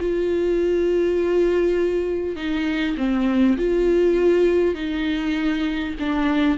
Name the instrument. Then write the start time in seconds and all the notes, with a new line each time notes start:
viola
0.00 F4
2.36 D#4
2.97 C4
3.58 F4
4.75 D#4
6.00 D4